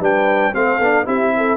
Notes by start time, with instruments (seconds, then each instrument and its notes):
0.00 tuba G3, trombone D4, horn B4, trumpet G5
0.54 tuba A3, trombone C4, horn A4, trumpet F5
0.80 tuba B3, trombone D4
1.05 tuba C4, trombone E4, horn G4, trumpet E5
1.37 horn A4